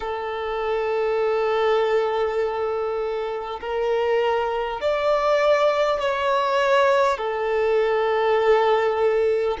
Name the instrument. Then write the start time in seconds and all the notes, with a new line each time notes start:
violin
0.00 A4
3.61 A#4
4.80 D5
6.00 C#5
7.17 A4